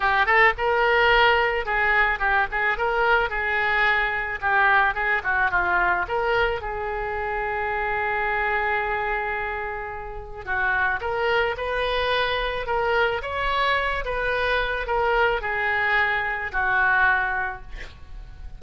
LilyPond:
\new Staff \with { instrumentName = "oboe" } { \time 4/4 \tempo 4 = 109 g'8 a'8 ais'2 gis'4 | g'8 gis'8 ais'4 gis'2 | g'4 gis'8 fis'8 f'4 ais'4 | gis'1~ |
gis'2. fis'4 | ais'4 b'2 ais'4 | cis''4. b'4. ais'4 | gis'2 fis'2 | }